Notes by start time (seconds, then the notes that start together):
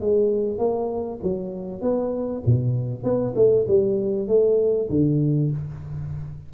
0.00 G#3
0.58 A#3
1.22 F#3
1.81 B3
2.45 B2
3.03 B3
3.35 A3
3.68 G3
4.27 A3
4.90 D3